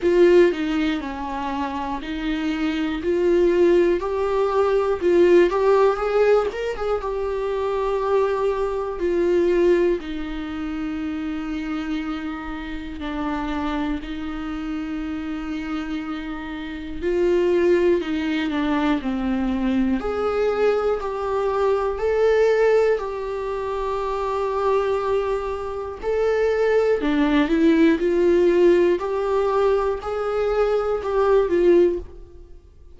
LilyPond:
\new Staff \with { instrumentName = "viola" } { \time 4/4 \tempo 4 = 60 f'8 dis'8 cis'4 dis'4 f'4 | g'4 f'8 g'8 gis'8 ais'16 gis'16 g'4~ | g'4 f'4 dis'2~ | dis'4 d'4 dis'2~ |
dis'4 f'4 dis'8 d'8 c'4 | gis'4 g'4 a'4 g'4~ | g'2 a'4 d'8 e'8 | f'4 g'4 gis'4 g'8 f'8 | }